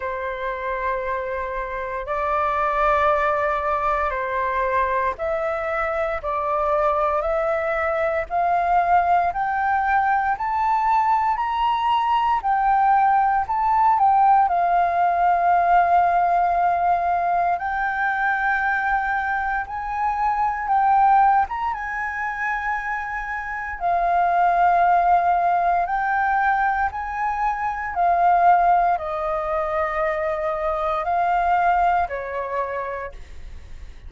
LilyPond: \new Staff \with { instrumentName = "flute" } { \time 4/4 \tempo 4 = 58 c''2 d''2 | c''4 e''4 d''4 e''4 | f''4 g''4 a''4 ais''4 | g''4 a''8 g''8 f''2~ |
f''4 g''2 gis''4 | g''8. ais''16 gis''2 f''4~ | f''4 g''4 gis''4 f''4 | dis''2 f''4 cis''4 | }